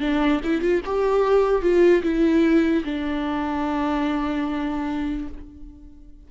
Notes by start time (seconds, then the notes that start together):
0.00 D4
0.43 E4
0.61 F4
0.85 G4
1.62 F4
2.02 E4
2.84 D4